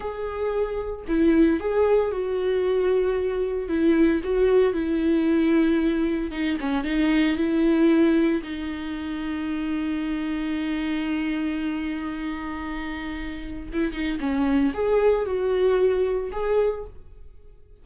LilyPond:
\new Staff \with { instrumentName = "viola" } { \time 4/4 \tempo 4 = 114 gis'2 e'4 gis'4 | fis'2. e'4 | fis'4 e'2. | dis'8 cis'8 dis'4 e'2 |
dis'1~ | dis'1~ | dis'2 e'8 dis'8 cis'4 | gis'4 fis'2 gis'4 | }